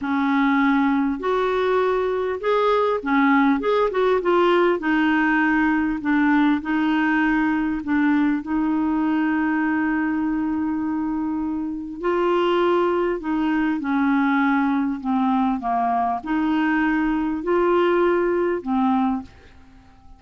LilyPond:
\new Staff \with { instrumentName = "clarinet" } { \time 4/4 \tempo 4 = 100 cis'2 fis'2 | gis'4 cis'4 gis'8 fis'8 f'4 | dis'2 d'4 dis'4~ | dis'4 d'4 dis'2~ |
dis'1 | f'2 dis'4 cis'4~ | cis'4 c'4 ais4 dis'4~ | dis'4 f'2 c'4 | }